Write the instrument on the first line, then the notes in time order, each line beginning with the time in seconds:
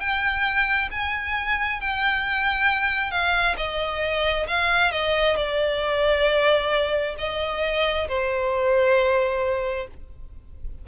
violin
0.00 G5
0.92 G#5
1.81 G5
3.11 F5
3.57 D#5
4.48 F5
4.92 D#5
5.37 D5
7.18 D#5
8.09 C5